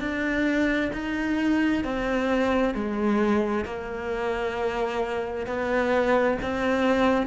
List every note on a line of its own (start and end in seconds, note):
0.00 0.91 D4
0.93 1.84 D#4
1.84 2.74 C4
2.74 3.65 G#3
3.65 5.47 A#3
5.47 6.38 B3
6.42 7.26 C4